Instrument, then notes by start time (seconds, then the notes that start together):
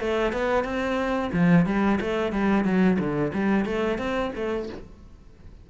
cello
0.00 A3
0.32 B3
0.64 C4
1.32 F3
1.66 G3
2.00 A3
2.32 G3
2.65 F#3
2.99 D3
3.34 G3
3.65 A3
3.98 C4
4.35 A3